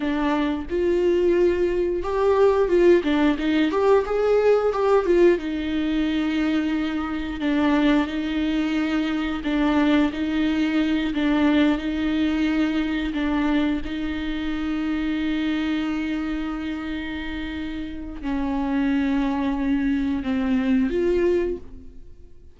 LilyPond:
\new Staff \with { instrumentName = "viola" } { \time 4/4 \tempo 4 = 89 d'4 f'2 g'4 | f'8 d'8 dis'8 g'8 gis'4 g'8 f'8 | dis'2. d'4 | dis'2 d'4 dis'4~ |
dis'8 d'4 dis'2 d'8~ | d'8 dis'2.~ dis'8~ | dis'2. cis'4~ | cis'2 c'4 f'4 | }